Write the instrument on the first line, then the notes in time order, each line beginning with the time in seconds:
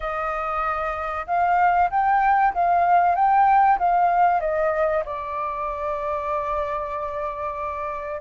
flute
0.00 D#5
1.26 F5
1.90 G5
2.53 F5
3.15 G5
3.78 F5
4.40 D#5
5.05 D5